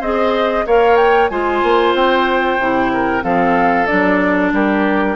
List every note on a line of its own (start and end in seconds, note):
0.00 0.65 C4
0.00 0.66 G#4
0.00 0.65 C5
0.00 0.66 D#5
0.66 1.30 A#3
0.66 1.31 A#4
0.66 1.31 C#5
0.66 0.96 F5
0.96 1.28 G5
1.29 1.62 G#3
1.29 2.60 F4
1.29 2.92 C5
1.29 1.93 G#5
1.62 1.94 A#3
1.94 2.58 C4
1.94 3.23 G5
2.58 3.23 C3
2.58 3.22 E4
2.93 3.24 A#4
3.22 3.87 F3
3.22 3.87 C4
3.22 4.53 A4
3.22 3.86 F5
3.86 4.52 F#3
3.86 5.16 D4
3.86 4.51 D5
4.52 5.16 G3
4.52 5.16 G4
4.52 5.16 A#4